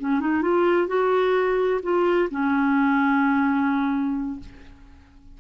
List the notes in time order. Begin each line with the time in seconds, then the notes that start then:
0.00 C#4
0.21 D#4
0.42 F4
0.88 F#4
1.83 F4
2.31 C#4